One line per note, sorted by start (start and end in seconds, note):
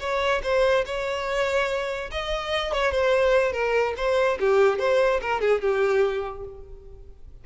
0.00 0.42 C#5
0.43 0.85 C5
0.85 2.10 C#5
2.11 2.73 D#5
2.73 2.92 C#5
2.92 3.53 C5
3.53 3.94 A#4
3.97 4.39 C5
4.40 4.79 G4
4.79 5.21 C5
5.21 5.41 A#4
5.41 5.61 G#4
5.61 6.45 G4